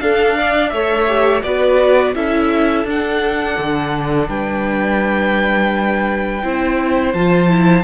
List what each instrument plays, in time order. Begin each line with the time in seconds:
0.00 viola D4, cello D4, violin A4 F5
0.38 violin D5
0.69 cello A3, viola A4, violin C#5 E5
1.07 viola G4
1.43 cello B3, viola F#4, violin B4 D5
2.15 cello C#4, viola E4, violin A4 E5
2.85 cello D4, viola D4, violin F#5
3.58 cello D3
4.29 cello G3, violin B4 G5
6.43 cello C4, viola E4, violin C5
7.13 cello F3, viola F4, violin A5
7.49 viola E4